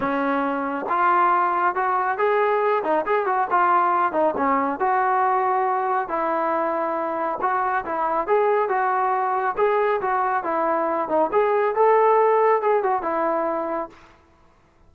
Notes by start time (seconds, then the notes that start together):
0.00 C#4
0.89 F4
1.75 F#4
2.18 G#4
2.83 D#4
3.06 G#4
3.26 F#4
3.50 F4
4.12 D#4
4.36 C#4
4.79 F#4
6.08 E4
7.41 F#4
7.85 E4
8.27 G#4
8.68 F#4
9.57 G#4
10.01 F#4
10.43 E4
11.08 D#4
11.32 G#4
11.75 A4
12.61 G#4
12.83 F#4
13.02 E4